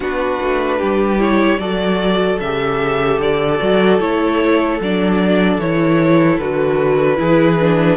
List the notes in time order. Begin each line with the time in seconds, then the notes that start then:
0.00 B3 D4 F#4 B4
0.41 A3
0.78 G3 G4
1.19 E4 C#5
1.58 F#3 F#4 A4 D5
2.40 C#3 G4 E5
3.19 D3 D5
3.59 F#3 F#4
3.99 A3 E4 C#5
4.80 F#3 D4 D5
5.58 E3 E4 C#5
6.38 D3 F#4 B4
7.16 E3 E4 G#4
7.60 D4